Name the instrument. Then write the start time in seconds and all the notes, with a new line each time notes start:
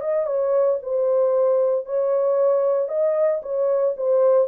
horn
0.00 D#5
0.26 C#5
0.82 C5
1.85 C#5
2.88 D#5
3.42 C#5
3.97 C5